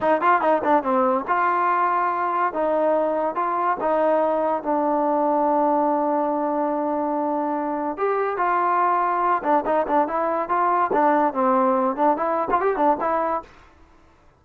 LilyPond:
\new Staff \with { instrumentName = "trombone" } { \time 4/4 \tempo 4 = 143 dis'8 f'8 dis'8 d'8 c'4 f'4~ | f'2 dis'2 | f'4 dis'2 d'4~ | d'1~ |
d'2. g'4 | f'2~ f'8 d'8 dis'8 d'8 | e'4 f'4 d'4 c'4~ | c'8 d'8 e'8. f'16 g'8 d'8 e'4 | }